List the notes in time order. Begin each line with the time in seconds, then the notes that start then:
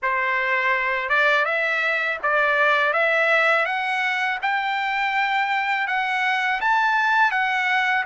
0.02 C5
1.09 D5
1.45 E5
2.22 D5
2.93 E5
3.65 F#5
4.41 G5
5.87 F#5
6.60 A5
7.31 F#5